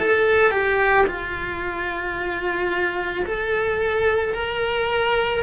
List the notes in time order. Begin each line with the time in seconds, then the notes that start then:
0.00 A4
0.52 G4
1.07 F4
3.26 A4
4.34 A#4